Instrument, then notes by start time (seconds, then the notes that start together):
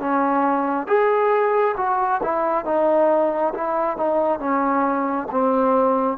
trombone
0.00 C#4
0.87 G#4
1.77 F#4
2.23 E4
2.66 D#4
3.55 E4
3.97 D#4
4.40 C#4
5.31 C4